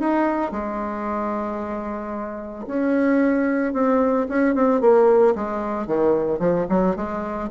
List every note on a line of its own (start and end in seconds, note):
0.00 0.52 D#4
0.52 2.66 G#3
2.67 3.74 C#4
3.74 4.27 C4
4.29 4.55 C#4
4.55 4.81 C4
4.81 5.35 A#3
5.36 5.87 G#3
5.87 6.40 D#3
6.40 6.66 F3
6.70 6.96 F#3
6.96 7.50 G#3